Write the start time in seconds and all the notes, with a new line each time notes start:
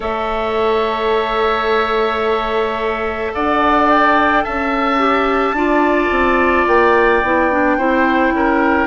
0.00 A3 A4 C#5 E5
3.34 D4 D5 F#5
3.89 G5
4.44 C#4 E5 A5
4.98 G4
5.52 D4 F4 D5
6.10 C4
6.67 A#3 G5
7.22 B3 E4
7.51 D4
7.77 C4 E4 C5
8.32 C#4 A#4